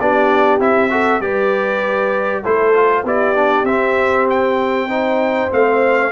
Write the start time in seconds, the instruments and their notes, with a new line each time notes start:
0.00 tuba B3, trombone D4, horn G4, trumpet D5
0.60 tuba C4, trombone E4, trumpet E5
0.91 trombone F#4, horn A4
1.21 tuba G3, trombone G4, horn B4, trumpet D5
2.43 tuba A3, trombone E4, horn A4, trumpet C5
2.74 trombone F4
3.04 tuba B3, trombone E4, horn G4, trumpet D5
3.35 trombone D4
3.64 tuba C4, trombone C4, trumpet E5
4.30 trumpet G5
4.88 trombone D#4, horn C5
5.51 tuba A3, trombone C4, trumpet F5